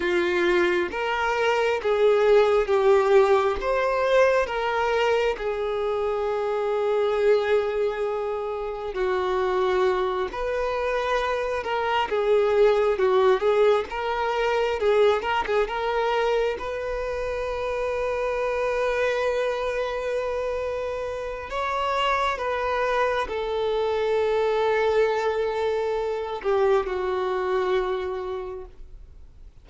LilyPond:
\new Staff \with { instrumentName = "violin" } { \time 4/4 \tempo 4 = 67 f'4 ais'4 gis'4 g'4 | c''4 ais'4 gis'2~ | gis'2 fis'4. b'8~ | b'4 ais'8 gis'4 fis'8 gis'8 ais'8~ |
ais'8 gis'8 ais'16 gis'16 ais'4 b'4.~ | b'1 | cis''4 b'4 a'2~ | a'4. g'8 fis'2 | }